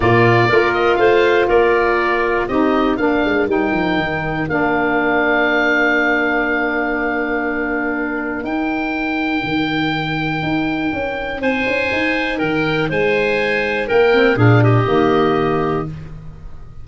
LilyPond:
<<
  \new Staff \with { instrumentName = "oboe" } { \time 4/4 \tempo 4 = 121 d''4. dis''8 f''4 d''4~ | d''4 dis''4 f''4 g''4~ | g''4 f''2.~ | f''1~ |
f''4 g''2.~ | g''2. gis''4~ | gis''4 g''4 gis''2 | g''4 f''8 dis''2~ dis''8 | }
  \new Staff \with { instrumentName = "clarinet" } { \time 4/4 f'4 ais'4 c''4 ais'4~ | ais'4 g'4 ais'2~ | ais'1~ | ais'1~ |
ais'1~ | ais'2. c''4~ | c''4 ais'4 c''2 | ais'4 gis'8 g'2~ g'8 | }
  \new Staff \with { instrumentName = "saxophone" } { \time 4/4 ais4 f'2.~ | f'4 dis'4 d'4 dis'4~ | dis'4 d'2.~ | d'1~ |
d'4 dis'2.~ | dis'1~ | dis'1~ | dis'8 c'8 d'4 ais2 | }
  \new Staff \with { instrumentName = "tuba" } { \time 4/4 ais,4 ais4 a4 ais4~ | ais4 c'4 ais8 gis8 g8 f8 | dis4 ais2.~ | ais1~ |
ais4 dis'2 dis4~ | dis4 dis'4 cis'4 c'8 cis'8 | dis'4 dis4 gis2 | ais4 ais,4 dis2 | }
>>